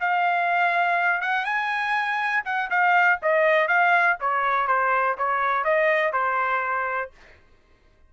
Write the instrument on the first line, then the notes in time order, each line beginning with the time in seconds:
trumpet
0.00 F5
1.21 F#5
1.45 G#5
2.45 F#5
2.70 F5
3.22 D#5
3.68 F5
4.20 C#5
4.67 C5
5.18 C#5
5.64 D#5
6.12 C5